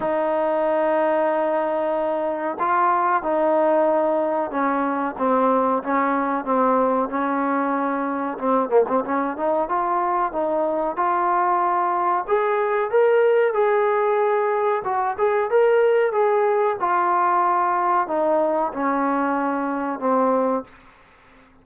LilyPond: \new Staff \with { instrumentName = "trombone" } { \time 4/4 \tempo 4 = 93 dis'1 | f'4 dis'2 cis'4 | c'4 cis'4 c'4 cis'4~ | cis'4 c'8 ais16 c'16 cis'8 dis'8 f'4 |
dis'4 f'2 gis'4 | ais'4 gis'2 fis'8 gis'8 | ais'4 gis'4 f'2 | dis'4 cis'2 c'4 | }